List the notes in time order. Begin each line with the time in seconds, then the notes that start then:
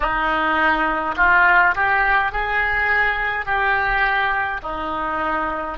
0.00 D#4
1.16 F4
1.75 G4
2.31 G#4
3.45 G4
4.63 D#4